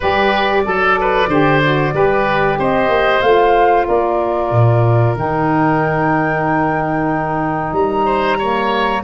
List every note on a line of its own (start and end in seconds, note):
0.00 0.66 G3
0.00 0.64 G4
0.00 0.62 B4
0.00 2.59 D5
0.64 1.27 F#3
0.64 1.28 A4
0.64 0.99 A4
1.00 1.29 B4
1.27 1.92 D3
1.27 1.62 G4
1.27 1.93 C5
1.63 1.93 F#4
1.93 2.58 G3
1.93 3.22 G4
1.93 2.58 B4
2.58 2.88 C4
2.58 3.87 C5
2.58 3.21 D#5
2.88 3.21 A#3
3.21 3.86 A3
3.21 5.15 F4
3.21 3.86 F5
3.87 4.51 A#3
3.87 8.05 A#4
3.87 5.16 D5
4.51 5.15 A#2
5.15 7.72 D#3
5.15 8.38 D#4
5.15 7.73 G5
7.72 9.01 G3
7.72 9.02 A#5
8.05 8.37 C5
8.38 9.03 A#3
8.38 9.02 C#5